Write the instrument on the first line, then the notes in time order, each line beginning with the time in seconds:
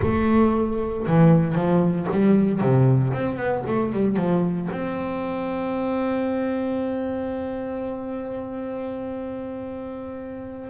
double bass
0.02 A3
1.06 E3
1.55 F3
2.11 G3
2.60 C3
3.13 C4
3.37 B3
3.66 A3
3.92 G3
4.16 F3
4.71 C4